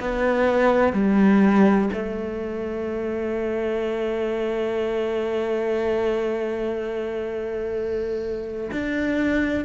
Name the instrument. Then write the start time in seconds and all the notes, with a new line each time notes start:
cello
0.00 B3
0.93 G3
1.93 A3
8.72 D4